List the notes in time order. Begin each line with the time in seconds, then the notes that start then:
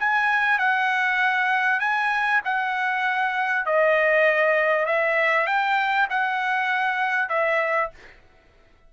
0.00 G#5
0.59 F#5
1.80 G#5
2.45 F#5
3.66 D#5
4.86 E5
5.47 G5
6.10 F#5
7.29 E5